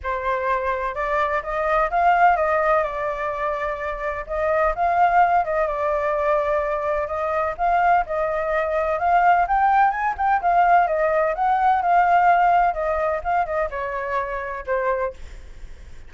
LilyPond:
\new Staff \with { instrumentName = "flute" } { \time 4/4 \tempo 4 = 127 c''2 d''4 dis''4 | f''4 dis''4 d''2~ | d''4 dis''4 f''4. dis''8 | d''2. dis''4 |
f''4 dis''2 f''4 | g''4 gis''8 g''8 f''4 dis''4 | fis''4 f''2 dis''4 | f''8 dis''8 cis''2 c''4 | }